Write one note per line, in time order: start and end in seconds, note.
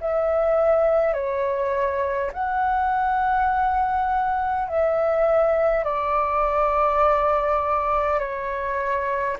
0.00 1.13 E5
1.13 2.30 C#5
2.33 4.68 F#5
4.68 5.84 E5
5.84 8.19 D5
8.19 9.37 C#5